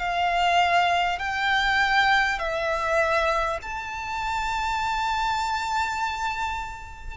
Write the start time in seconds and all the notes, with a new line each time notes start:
0.00 F5
1.19 G5
2.39 E5
3.62 A5